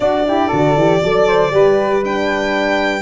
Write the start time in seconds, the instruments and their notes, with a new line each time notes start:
0.00 horn D4, tuba D4, flute F#4, violin D5
0.26 horn E4, flute G4
0.48 tuba D3, horn F#4, flute A4
0.76 tuba E3, horn G4
1.03 tuba F#3, horn A4, flute D5
1.27 flute C5
1.51 tuba G3, horn G4, flute B4
2.04 horn D4, violin G5